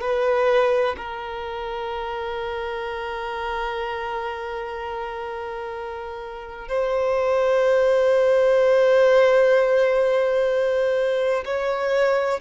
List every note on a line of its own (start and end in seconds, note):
0.00 0.95 B4
0.97 6.68 A#4
6.68 11.44 C5
11.45 12.40 C#5